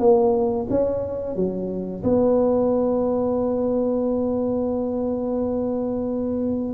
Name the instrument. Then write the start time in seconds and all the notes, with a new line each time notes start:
tuba
0.00 A#3
0.70 C#4
1.36 F#3
2.04 B3